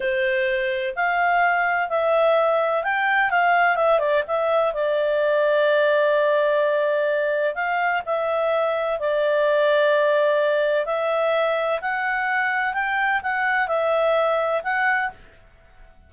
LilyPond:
\new Staff \with { instrumentName = "clarinet" } { \time 4/4 \tempo 4 = 127 c''2 f''2 | e''2 g''4 f''4 | e''8 d''8 e''4 d''2~ | d''1 |
f''4 e''2 d''4~ | d''2. e''4~ | e''4 fis''2 g''4 | fis''4 e''2 fis''4 | }